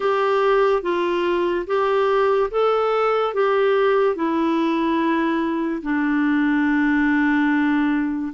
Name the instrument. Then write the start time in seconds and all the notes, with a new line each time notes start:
clarinet
0.00 G4
0.82 F4
1.66 G4
2.50 A4
3.33 G4
4.15 E4
5.82 D4